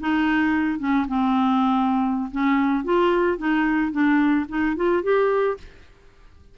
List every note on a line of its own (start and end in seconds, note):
0.00 0.79 D#4
0.79 1.06 C#4
1.08 2.30 C4
2.31 2.84 C#4
2.84 3.37 F4
3.37 3.92 D#4
3.92 4.46 D4
4.49 4.76 D#4
4.76 5.03 F4
5.03 5.57 G4